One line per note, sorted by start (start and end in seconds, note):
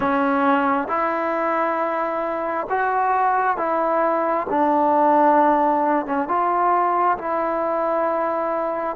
0.00 0.88 C#4
0.88 2.67 E4
2.69 3.57 F#4
3.57 4.47 E4
4.49 6.06 D4
6.06 6.28 C#4
6.28 7.17 F4
7.18 8.96 E4